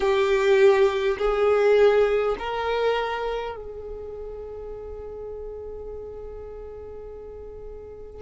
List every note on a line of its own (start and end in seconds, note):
0.00 1.17 G4
1.18 2.36 G#4
2.39 3.56 A#4
3.56 8.22 G#4